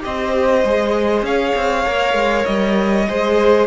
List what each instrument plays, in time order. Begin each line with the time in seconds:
0.00 cello C4, viola G4, violin C5 D#5
0.64 cello G#3, viola G#4
1.22 cello C#4, violin C#5 F5
1.55 cello C4
1.84 cello A#3, viola A#4
2.13 cello G#3
2.44 cello G3, violin D#5
3.07 cello G#3, viola G#4, violin C5